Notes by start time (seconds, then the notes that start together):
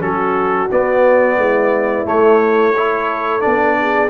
0.00 F#3 C#4 F#4 A4
0.71 B3 D5
1.37 G#3 E4
2.05 A3 C#5
2.75 E4 A4
3.40 B3 D4 D5
3.80 G#4